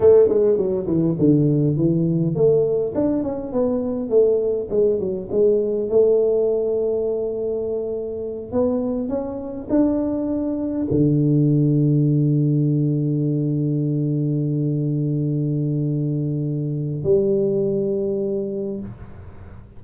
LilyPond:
\new Staff \with { instrumentName = "tuba" } { \time 4/4 \tempo 4 = 102 a8 gis8 fis8 e8 d4 e4 | a4 d'8 cis'8 b4 a4 | gis8 fis8 gis4 a2~ | a2~ a8 b4 cis'8~ |
cis'8 d'2 d4.~ | d1~ | d1~ | d4 g2. | }